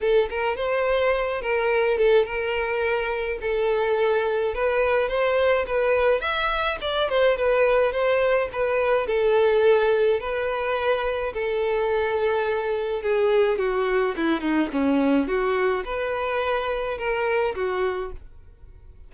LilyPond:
\new Staff \with { instrumentName = "violin" } { \time 4/4 \tempo 4 = 106 a'8 ais'8 c''4. ais'4 a'8 | ais'2 a'2 | b'4 c''4 b'4 e''4 | d''8 c''8 b'4 c''4 b'4 |
a'2 b'2 | a'2. gis'4 | fis'4 e'8 dis'8 cis'4 fis'4 | b'2 ais'4 fis'4 | }